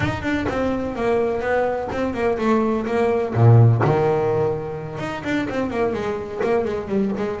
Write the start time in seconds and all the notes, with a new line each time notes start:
0.00 D#4
0.22 D4
0.48 C4
0.95 A#3
1.41 B3
1.92 C4
2.14 A#3
2.38 A3
2.86 A#3
3.34 A#2
3.83 D#3
4.98 D#4
5.23 D4
5.49 C4
5.70 A#3
5.93 G#3
6.43 A#3
6.64 G#3
6.88 G3
7.17 G#3